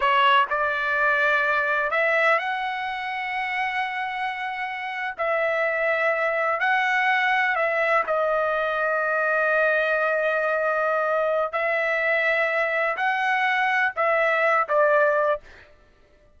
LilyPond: \new Staff \with { instrumentName = "trumpet" } { \time 4/4 \tempo 4 = 125 cis''4 d''2. | e''4 fis''2.~ | fis''2~ fis''8. e''4~ e''16~ | e''4.~ e''16 fis''2 e''16~ |
e''8. dis''2.~ dis''16~ | dis''1 | e''2. fis''4~ | fis''4 e''4. d''4. | }